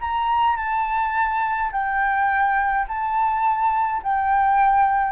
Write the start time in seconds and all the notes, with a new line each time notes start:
0.00 A#5
0.56 A5
1.71 G5
2.88 A5
4.02 G5